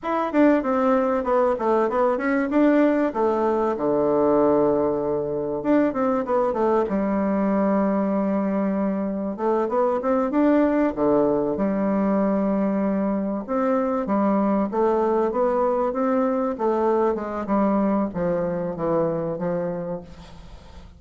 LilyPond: \new Staff \with { instrumentName = "bassoon" } { \time 4/4 \tempo 4 = 96 e'8 d'8 c'4 b8 a8 b8 cis'8 | d'4 a4 d2~ | d4 d'8 c'8 b8 a8 g4~ | g2. a8 b8 |
c'8 d'4 d4 g4.~ | g4. c'4 g4 a8~ | a8 b4 c'4 a4 gis8 | g4 f4 e4 f4 | }